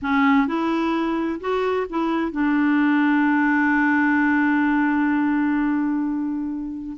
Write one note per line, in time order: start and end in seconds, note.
0.02 0.47 C#4
0.47 1.40 E4
1.40 1.86 F#4
1.89 2.31 E4
2.31 6.96 D4